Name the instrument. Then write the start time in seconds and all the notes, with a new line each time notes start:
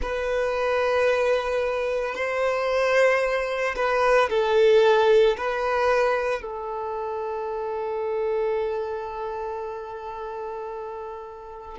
violin
0.01 B4
2.14 C5
3.75 B4
4.29 A4
5.37 B4
6.41 A4